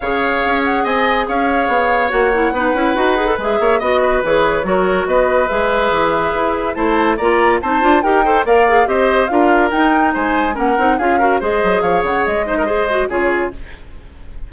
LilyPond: <<
  \new Staff \with { instrumentName = "flute" } { \time 4/4 \tempo 4 = 142 f''4. fis''8 gis''4 f''4~ | f''4 fis''2. | e''4 dis''4 cis''2 | dis''4 e''2. |
a''4 ais''4 a''4 g''4 | f''4 dis''4 f''4 g''4 | gis''4 fis''4 f''4 dis''4 | f''8 fis''8 dis''2 cis''4 | }
  \new Staff \with { instrumentName = "oboe" } { \time 4/4 cis''2 dis''4 cis''4~ | cis''2 b'2~ | b'8 cis''8 dis''8 b'4. ais'4 | b'1 |
c''4 d''4 c''4 ais'8 c''8 | d''4 c''4 ais'2 | c''4 ais'4 gis'8 ais'8 c''4 | cis''4. c''16 ais'16 c''4 gis'4 | }
  \new Staff \with { instrumentName = "clarinet" } { \time 4/4 gis'1~ | gis'4 fis'8 e'8 dis'8 e'8 fis'8 gis'16 a'16 | gis'4 fis'4 gis'4 fis'4~ | fis'4 gis'2. |
e'4 f'4 dis'8 f'8 g'8 a'8 | ais'8 gis'8 g'4 f'4 dis'4~ | dis'4 cis'8 dis'8 f'8 fis'8 gis'4~ | gis'4. dis'8 gis'8 fis'8 f'4 | }
  \new Staff \with { instrumentName = "bassoon" } { \time 4/4 cis4 cis'4 c'4 cis'4 | b4 ais4 b8 cis'8 dis'4 | gis8 ais8 b4 e4 fis4 | b4 gis4 e4 e'4 |
a4 ais4 c'8 d'8 dis'4 | ais4 c'4 d'4 dis'4 | gis4 ais8 c'8 cis'4 gis8 fis8 | f8 cis8 gis2 cis4 | }
>>